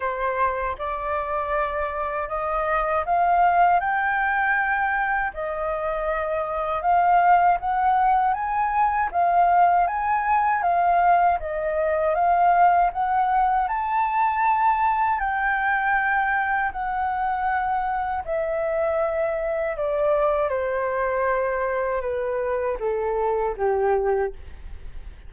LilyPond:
\new Staff \with { instrumentName = "flute" } { \time 4/4 \tempo 4 = 79 c''4 d''2 dis''4 | f''4 g''2 dis''4~ | dis''4 f''4 fis''4 gis''4 | f''4 gis''4 f''4 dis''4 |
f''4 fis''4 a''2 | g''2 fis''2 | e''2 d''4 c''4~ | c''4 b'4 a'4 g'4 | }